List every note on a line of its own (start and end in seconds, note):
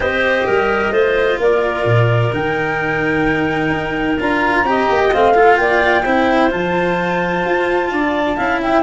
0.00 0.45 C4
0.00 0.91 G4
0.00 0.46 C5
0.00 1.40 D#5
0.46 0.90 G3
0.46 0.92 A#4
0.90 1.37 A3
0.90 2.31 F4
0.90 1.39 C5
1.39 1.84 A#3
1.39 4.65 A#4
1.39 2.33 D5
1.84 2.31 A#2
2.32 3.69 D#3
2.32 4.18 D#4
2.32 4.19 G5
3.69 4.16 D#4
4.19 4.63 D4
4.19 4.66 F4
4.19 5.00 A#5
4.63 4.86 C4
4.63 5.12 G4
4.63 5.34 D#5
4.89 5.12 A#3
5.00 5.11 G5
5.13 5.57 A3
5.13 5.34 C4
5.13 5.56 F5
5.34 6.03 F4
5.34 5.57 A4
5.56 6.04 A#3
5.56 6.03 D5
5.56 6.49 G5
6.03 6.52 C4
6.03 6.50 E4
6.03 7.89 C5
6.50 7.44 F3
6.50 8.36 F4
6.50 8.61 A5
7.44 7.91 F4
7.91 8.37 D4
7.91 8.36 D5
8.36 8.82 C#4
8.36 8.82 E4
8.36 8.60 F5
8.61 8.82 E5
8.61 8.82 G5